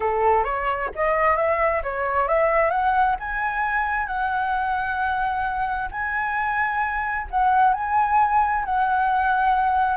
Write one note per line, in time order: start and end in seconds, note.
0.00 0.44 A4
0.44 0.89 C#5
0.95 1.36 D#5
1.36 1.82 E5
1.83 2.28 C#5
2.28 2.70 E5
2.70 3.15 F#5
3.19 4.06 G#5
4.06 5.88 F#5
5.91 7.27 G#5
7.30 7.73 F#5
7.73 8.64 G#5
8.64 9.96 F#5